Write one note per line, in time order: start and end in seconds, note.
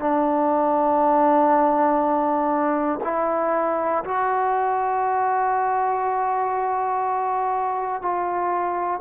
0.00 3.00 D4
3.04 4.04 E4
4.04 8.02 F#4
8.02 9.00 F4